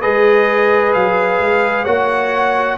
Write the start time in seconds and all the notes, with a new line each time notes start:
0.00 G#3 G#4 B4 D#5
0.93 F#3 F5
1.40 G#3
1.84 A#3 F#4 C#5 F#5